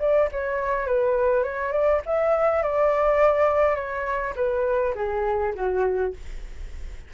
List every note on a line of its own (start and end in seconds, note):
0.00 0.29 D5
0.32 0.87 C#5
0.87 1.44 B4
1.44 1.73 C#5
1.73 2.02 D5
2.06 2.63 E5
2.63 3.76 D5
3.76 4.34 C#5
4.36 4.95 B4
4.95 5.54 G#4
5.56 6.14 F#4